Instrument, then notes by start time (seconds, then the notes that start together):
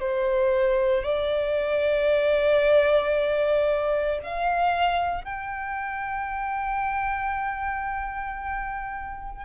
violin
0.00 C5
1.04 D5
4.23 F5
5.25 G5